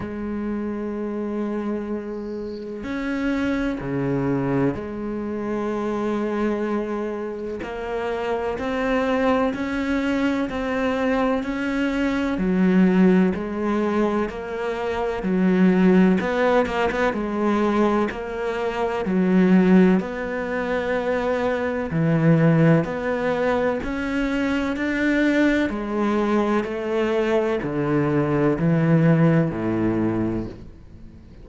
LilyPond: \new Staff \with { instrumentName = "cello" } { \time 4/4 \tempo 4 = 63 gis2. cis'4 | cis4 gis2. | ais4 c'4 cis'4 c'4 | cis'4 fis4 gis4 ais4 |
fis4 b8 ais16 b16 gis4 ais4 | fis4 b2 e4 | b4 cis'4 d'4 gis4 | a4 d4 e4 a,4 | }